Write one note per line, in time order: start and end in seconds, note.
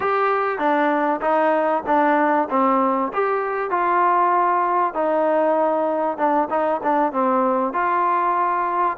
0.00 0.58 G4
0.58 1.20 D4
1.21 1.83 D#4
1.86 2.48 D4
2.50 3.12 C4
3.13 3.70 G4
3.70 4.93 F4
4.93 6.17 D#4
6.17 6.48 D4
6.49 6.80 D#4
6.83 7.12 D4
7.12 7.73 C4
7.73 8.97 F4